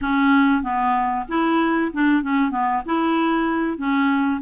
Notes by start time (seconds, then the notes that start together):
0.01 C#4
0.63 B3
1.28 E4
1.93 D4
2.22 C#4
2.50 B3
2.85 E4
3.77 C#4